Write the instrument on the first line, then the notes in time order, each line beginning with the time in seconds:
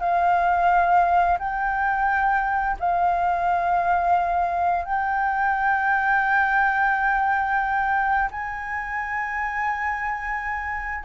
flute
0.00 F5
1.39 G5
2.80 F5
4.85 G5
8.31 G#5